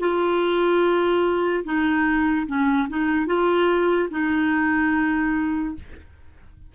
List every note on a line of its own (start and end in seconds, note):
0.00 1.64 F4
1.65 2.47 D#4
2.47 2.88 C#4
2.89 3.27 D#4
3.27 4.09 F4
4.11 5.75 D#4